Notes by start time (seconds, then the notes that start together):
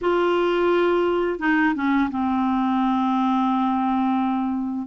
0.01 F4
1.39 D#4
1.74 C#4
2.10 C4